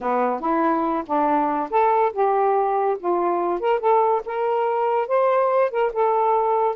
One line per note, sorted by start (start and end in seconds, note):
0.00 0.40 B3
0.40 1.03 E4
1.06 1.69 D4
1.70 2.12 A4
2.12 2.97 G4
2.99 3.60 F4
3.60 3.79 A#4
3.79 4.22 A4
4.25 5.07 A#4
5.07 5.70 C5
5.70 5.92 A#4
5.92 6.75 A4